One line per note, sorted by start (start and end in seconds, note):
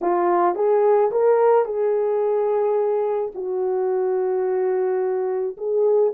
0.01 0.55 F4
0.55 1.10 G#4
1.11 1.65 A#4
1.65 3.32 G#4
3.34 5.57 F#4
5.57 6.12 G#4